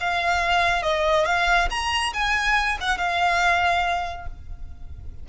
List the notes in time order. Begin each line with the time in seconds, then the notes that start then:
0.00 F5
0.82 D#5
1.25 F5
1.70 A#5
2.13 G#5
2.81 F#5
2.98 F5